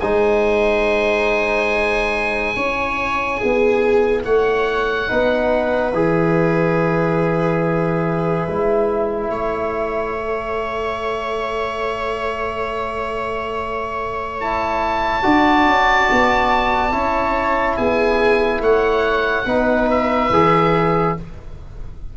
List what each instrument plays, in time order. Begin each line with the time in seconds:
0.00 tuba G#3, trombone D#4, viola C5, oboe G#5
2.54 tuba C#4, trombone E4, viola C#5
3.37 tuba B3, viola G#4
4.24 tuba A3, viola C#5, oboe F#5
5.08 tuba B3, trombone D#4, viola B4
5.91 tuba E3, trombone G#4, oboe E5
8.47 tuba G#3, trombone E4
9.29 tuba A3, viola C#5
10.18 trombone A4
14.40 trombone E4, oboe A5
15.22 tuba D4, trombone F#4, viola D5
15.65 tuba C#4
16.11 tuba B3
16.91 tuba C#4, trombone E4, viola C#5
17.76 tuba B3, viola G#4, oboe G#5
18.60 tuba A3, viola C#5, oboe F#5
19.45 tuba B3, trombone D#4, viola B4
19.90 oboe E5
20.30 tuba E3, trombone G#4